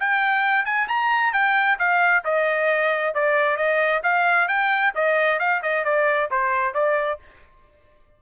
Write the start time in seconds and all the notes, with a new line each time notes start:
0.00 G5
0.65 G#5
0.88 A#5
1.33 G5
1.79 F5
2.25 D#5
3.15 D5
3.57 D#5
4.03 F5
4.48 G5
4.95 D#5
5.39 F5
5.63 D#5
5.85 D5
6.31 C5
6.74 D5